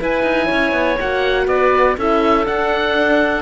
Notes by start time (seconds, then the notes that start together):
0.00 E4 B4 G#5
0.23 D#4
0.46 C#4 C#5
0.72 B3
0.99 A#3 F#4 F#5
1.47 B3 B4 D5
1.97 C#4 E4 A4 E5
2.44 D4 F#5